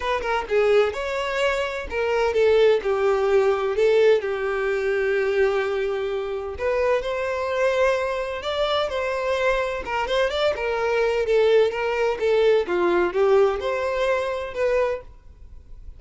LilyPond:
\new Staff \with { instrumentName = "violin" } { \time 4/4 \tempo 4 = 128 b'8 ais'8 gis'4 cis''2 | ais'4 a'4 g'2 | a'4 g'2.~ | g'2 b'4 c''4~ |
c''2 d''4 c''4~ | c''4 ais'8 c''8 d''8 ais'4. | a'4 ais'4 a'4 f'4 | g'4 c''2 b'4 | }